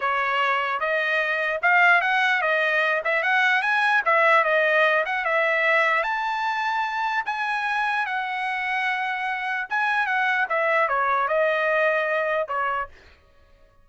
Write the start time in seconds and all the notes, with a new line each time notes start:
0.00 C#5
0.80 D#5
1.62 F5
2.01 F#5
2.41 D#5
3.04 E5
3.23 F#5
3.61 G#5
4.05 E5
4.43 D#5
5.05 F#5
5.25 E5
6.03 A5
7.25 G#5
8.06 F#5
9.69 G#5
10.06 F#5
10.49 E5
10.88 C#5
11.28 D#5
12.48 C#5